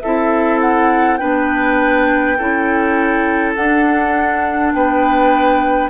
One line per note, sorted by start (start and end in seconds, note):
0.00 1.21 C4
0.00 1.19 E4
0.00 1.20 A4
0.00 0.59 E5
0.61 1.17 F#5
1.17 2.38 B3
1.17 2.36 D4
1.17 2.37 B4
1.17 3.52 G5
2.38 3.56 C#4
2.38 3.56 E4
2.38 4.73 A4
3.55 4.73 D4
3.55 5.90 D4
3.55 4.73 F#5
4.73 5.90 B3
4.73 5.90 B4
4.73 5.90 G5